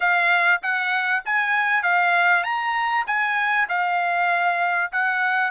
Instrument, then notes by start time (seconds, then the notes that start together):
trumpet
0.00 F5
0.62 F#5
1.25 G#5
1.82 F5
2.43 A#5
3.06 G#5
3.68 F5
4.91 F#5